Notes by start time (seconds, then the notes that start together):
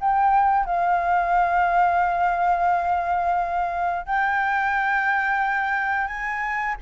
0.00 G5
0.65 F5
4.05 G5
6.07 G#5